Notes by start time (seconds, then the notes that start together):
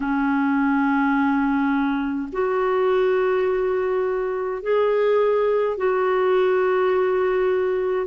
0.00 C#4
2.32 F#4
4.62 G#4
5.77 F#4